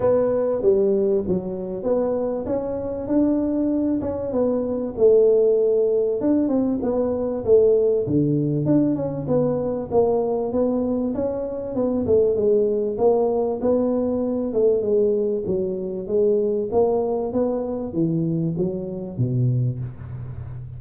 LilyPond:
\new Staff \with { instrumentName = "tuba" } { \time 4/4 \tempo 4 = 97 b4 g4 fis4 b4 | cis'4 d'4. cis'8 b4 | a2 d'8 c'8 b4 | a4 d4 d'8 cis'8 b4 |
ais4 b4 cis'4 b8 a8 | gis4 ais4 b4. a8 | gis4 fis4 gis4 ais4 | b4 e4 fis4 b,4 | }